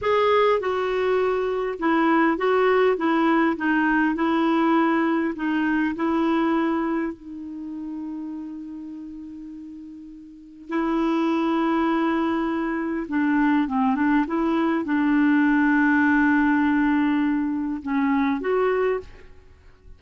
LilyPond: \new Staff \with { instrumentName = "clarinet" } { \time 4/4 \tempo 4 = 101 gis'4 fis'2 e'4 | fis'4 e'4 dis'4 e'4~ | e'4 dis'4 e'2 | dis'1~ |
dis'2 e'2~ | e'2 d'4 c'8 d'8 | e'4 d'2.~ | d'2 cis'4 fis'4 | }